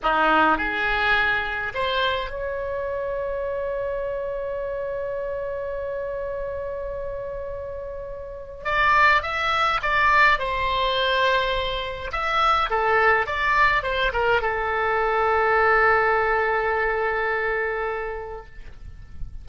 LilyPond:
\new Staff \with { instrumentName = "oboe" } { \time 4/4 \tempo 4 = 104 dis'4 gis'2 c''4 | cis''1~ | cis''1~ | cis''2. d''4 |
e''4 d''4 c''2~ | c''4 e''4 a'4 d''4 | c''8 ais'8 a'2.~ | a'1 | }